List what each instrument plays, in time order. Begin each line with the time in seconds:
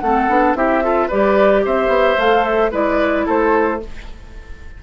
0.00 bassoon A3, clarinet C4, oboe A4, flute F#5
0.28 bassoon B3, clarinet D4
0.55 bassoon C4, clarinet E4, oboe G4, flute E5
0.82 clarinet F4, oboe A4
1.07 bassoon G3, clarinet G4, oboe B4, flute D5
1.65 bassoon C4, oboe C5, flute E5
1.88 bassoon B3
2.18 bassoon A3, clarinet A4, flute F5
2.44 flute E5
2.71 bassoon G#3, clarinet E4, oboe B4, flute D5
3.26 bassoon A3, oboe A4, flute C5